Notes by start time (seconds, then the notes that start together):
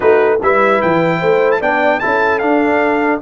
0.00 A3 D#4 F#4 B4
0.41 G3 E4 B4 E5
0.81 E3 G5
1.18 A3 C5
1.51 A5
1.60 B3 D4 D5 G5
1.99 C#4 E4 A4 A5
2.39 D4 F5